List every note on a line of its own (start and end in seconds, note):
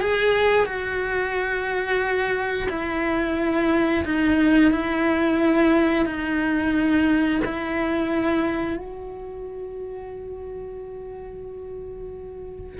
0.00 0.65 G#4
0.65 2.68 F#4
2.69 4.04 E4
4.04 4.71 D#4
4.71 6.05 E4
6.05 7.40 D#4
7.45 8.76 E4
8.76 12.80 F#4